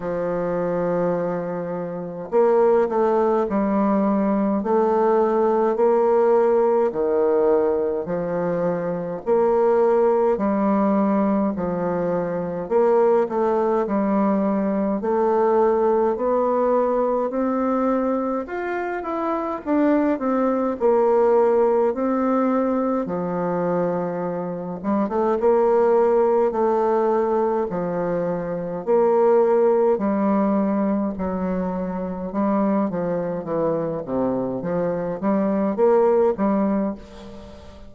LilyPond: \new Staff \with { instrumentName = "bassoon" } { \time 4/4 \tempo 4 = 52 f2 ais8 a8 g4 | a4 ais4 dis4 f4 | ais4 g4 f4 ais8 a8 | g4 a4 b4 c'4 |
f'8 e'8 d'8 c'8 ais4 c'4 | f4. g16 a16 ais4 a4 | f4 ais4 g4 fis4 | g8 f8 e8 c8 f8 g8 ais8 g8 | }